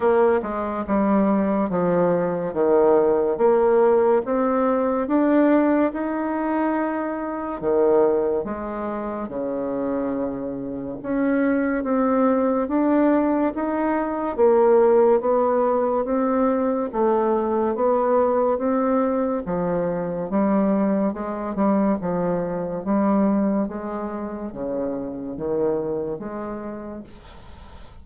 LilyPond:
\new Staff \with { instrumentName = "bassoon" } { \time 4/4 \tempo 4 = 71 ais8 gis8 g4 f4 dis4 | ais4 c'4 d'4 dis'4~ | dis'4 dis4 gis4 cis4~ | cis4 cis'4 c'4 d'4 |
dis'4 ais4 b4 c'4 | a4 b4 c'4 f4 | g4 gis8 g8 f4 g4 | gis4 cis4 dis4 gis4 | }